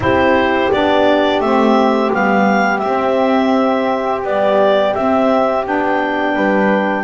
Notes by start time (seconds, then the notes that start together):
0.00 C4 E4 G4 C5
0.72 B3 D4 D5
1.39 A3 C4 E5
2.12 G3 B3 F5
2.78 C4 E5
2.85 C4
4.23 G3 B3 D5
4.94 C4 E5
5.64 B3 D4 G5
6.35 G3 B4